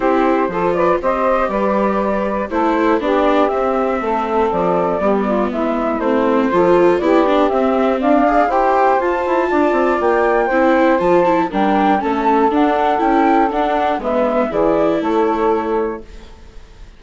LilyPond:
<<
  \new Staff \with { instrumentName = "flute" } { \time 4/4 \tempo 4 = 120 c''4. d''8 dis''4 d''4~ | d''4 c''4 d''4 e''4~ | e''4 d''2 e''4 | c''2 d''4 e''4 |
f''4 g''4 a''2 | g''2 a''4 g''4 | a''4 fis''4 g''4 fis''4 | e''4 d''4 cis''2 | }
  \new Staff \with { instrumentName = "saxophone" } { \time 4/4 g'4 a'8 b'8 c''4 b'4~ | b'4 a'4 g'2 | a'2 g'8 f'8 e'4~ | e'4 a'4 g'2 |
d''4 c''2 d''4~ | d''4 c''2 ais'4 | a'1 | b'4 gis'4 a'2 | }
  \new Staff \with { instrumentName = "viola" } { \time 4/4 e'4 f'4 g'2~ | g'4 e'4 d'4 c'4~ | c'2 b2 | c'4 f'4 e'8 d'8 c'4~ |
c'8 gis'8 g'4 f'2~ | f'4 e'4 f'8 e'8 d'4 | cis'4 d'4 e'4 d'4 | b4 e'2. | }
  \new Staff \with { instrumentName = "bassoon" } { \time 4/4 c'4 f4 c'4 g4~ | g4 a4 b4 c'4 | a4 f4 g4 gis4 | a4 f4 b4 c'4 |
d'4 e'4 f'8 e'8 d'8 c'8 | ais4 c'4 f4 g4 | a4 d'4 cis'4 d'4 | gis4 e4 a2 | }
>>